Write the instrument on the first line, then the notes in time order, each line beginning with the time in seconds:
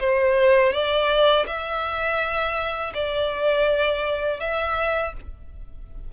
violin
0.00 C5
0.73 D5
1.47 E5
2.94 D5
4.40 E5